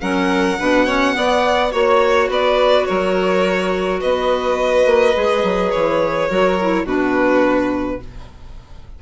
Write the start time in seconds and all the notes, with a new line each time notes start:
0.00 F#3 C#4 A#4 F#5
0.59 B2 D4 B4
0.86 C#4 C#5
1.14 B3 D5
1.71 A#3 F#4 C#5
2.29 B3 B4 D5
2.86 F#3 A#4 C#5
4.00 B3 B4 D#5
4.86 A#3
5.15 G#3 G#4
5.43 F#3
5.71 E3 C#5
6.28 F#3 F#4 A#4
6.61 E4
6.84 B2 D4 F#4 B4